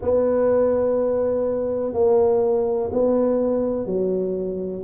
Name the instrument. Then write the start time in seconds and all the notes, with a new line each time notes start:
tuba
0.01 B3
1.93 A#3
2.92 B3
3.86 F#3